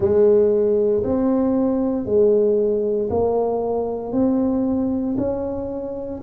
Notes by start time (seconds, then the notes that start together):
0.00 G#3
1.03 C4
2.05 G#3
3.09 A#3
4.12 C4
5.17 C#4